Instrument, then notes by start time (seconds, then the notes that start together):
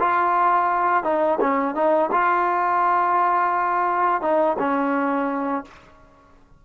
trombone
0.00 F4
1.04 D#4
1.41 C#4
1.75 D#4
2.12 F4
4.22 D#4
4.59 C#4